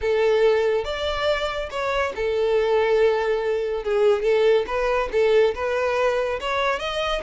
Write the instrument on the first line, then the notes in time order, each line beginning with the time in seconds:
violin
0.01 A4
0.84 D5
1.70 C#5
2.15 A4
3.83 G#4
4.22 A4
4.66 B4
5.12 A4
5.54 B4
6.40 C#5
6.79 D#5